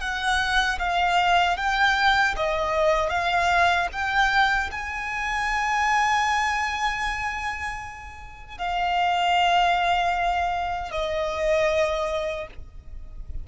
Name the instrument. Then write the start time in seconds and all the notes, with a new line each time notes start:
violin
0.00 F#5
0.78 F5
1.57 G5
2.36 D#5
3.09 F5
3.92 G5
4.71 G#5
8.58 F5
10.91 D#5